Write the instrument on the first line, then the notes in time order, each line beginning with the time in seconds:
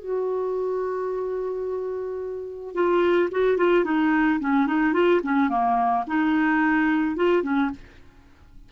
clarinet
0.00 F#4
2.74 F4
3.31 F#4
3.57 F4
3.85 D#4
4.40 C#4
4.67 D#4
4.93 F4
5.23 C#4
5.49 A#3
6.08 D#4
7.16 F4
7.43 C#4